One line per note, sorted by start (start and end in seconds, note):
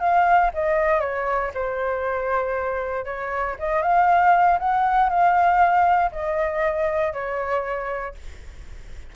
0.00 0.51 F5
0.54 1.00 D#5
1.00 1.51 C#5
1.54 3.05 C5
3.05 3.56 C#5
3.59 3.83 D#5
3.83 4.59 F5
4.59 5.09 F#5
5.09 6.11 F5
6.12 7.13 D#5
7.13 8.15 C#5